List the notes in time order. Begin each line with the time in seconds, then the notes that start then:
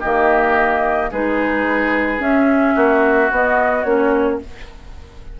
0.00 D#3 A#3 G4 D#5
1.11 G#3 D#4 G#4 B4
2.19 C#4 E5
2.75 A#3 F#4
3.30 B3 D#5
3.84 A#3 C#4 C#5